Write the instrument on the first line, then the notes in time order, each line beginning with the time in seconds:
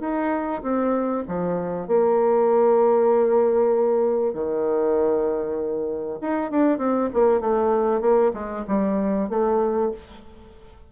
bassoon
0.00 D#4
0.62 C4
1.28 F3
1.87 A#3
4.34 D#3
6.21 D#4
6.51 D4
6.78 C4
7.13 A#3
7.41 A3
8.01 A#3
8.33 G#3
8.68 G3
9.29 A3